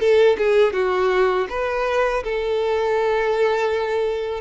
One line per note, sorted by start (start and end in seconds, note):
0.00 0.37 A4
0.38 0.73 G#4
0.73 1.47 F#4
1.49 2.24 B4
2.24 4.41 A4